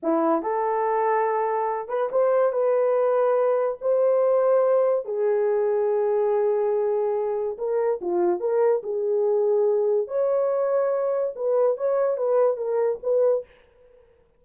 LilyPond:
\new Staff \with { instrumentName = "horn" } { \time 4/4 \tempo 4 = 143 e'4 a'2.~ | a'8 b'8 c''4 b'2~ | b'4 c''2. | gis'1~ |
gis'2 ais'4 f'4 | ais'4 gis'2. | cis''2. b'4 | cis''4 b'4 ais'4 b'4 | }